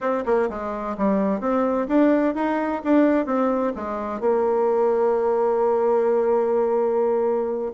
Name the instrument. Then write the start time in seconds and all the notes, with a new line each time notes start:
bassoon
0.00 C4
0.25 A#3
0.49 G#3
0.97 G3
1.40 C4
1.88 D4
2.35 D#4
2.84 D4
3.26 C4
3.75 G#3
4.20 A#3